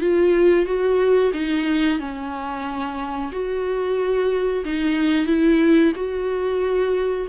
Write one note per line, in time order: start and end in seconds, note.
0.00 0.65 F4
0.65 1.31 F#4
1.33 1.99 D#4
1.99 3.31 C#4
3.32 4.64 F#4
4.65 5.26 D#4
5.26 5.92 E4
5.95 7.27 F#4